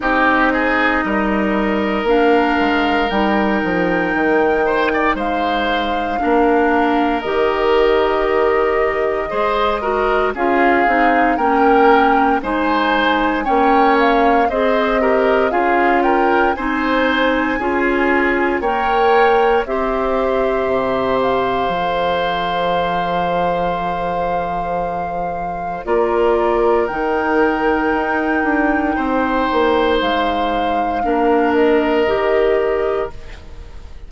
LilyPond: <<
  \new Staff \with { instrumentName = "flute" } { \time 4/4 \tempo 4 = 58 dis''2 f''4 g''4~ | g''4 f''2 dis''4~ | dis''2 f''4 g''4 | gis''4 g''8 f''8 dis''4 f''8 g''8 |
gis''2 g''4 e''4~ | e''8 f''2.~ f''8~ | f''4 d''4 g''2~ | g''4 f''4. dis''4. | }
  \new Staff \with { instrumentName = "oboe" } { \time 4/4 g'8 gis'8 ais'2.~ | ais'8 c''16 d''16 c''4 ais'2~ | ais'4 c''8 ais'8 gis'4 ais'4 | c''4 cis''4 c''8 ais'8 gis'8 ais'8 |
c''4 gis'4 cis''4 c''4~ | c''1~ | c''4 ais'2. | c''2 ais'2 | }
  \new Staff \with { instrumentName = "clarinet" } { \time 4/4 dis'2 d'4 dis'4~ | dis'2 d'4 g'4~ | g'4 gis'8 fis'8 f'8 dis'8 cis'4 | dis'4 cis'4 gis'8 g'8 f'4 |
dis'4 f'4 ais'4 g'4~ | g'4 a'2.~ | a'4 f'4 dis'2~ | dis'2 d'4 g'4 | }
  \new Staff \with { instrumentName = "bassoon" } { \time 4/4 c'4 g4 ais8 gis8 g8 f8 | dis4 gis4 ais4 dis4~ | dis4 gis4 cis'8 c'8 ais4 | gis4 ais4 c'4 cis'4 |
c'4 cis'4 ais4 c'4 | c4 f2.~ | f4 ais4 dis4 dis'8 d'8 | c'8 ais8 gis4 ais4 dis4 | }
>>